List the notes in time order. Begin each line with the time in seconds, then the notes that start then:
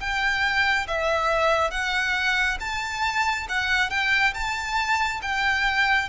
0.00 G5
0.87 E5
1.71 F#5
2.60 A5
3.49 F#5
3.90 G5
4.34 A5
5.22 G5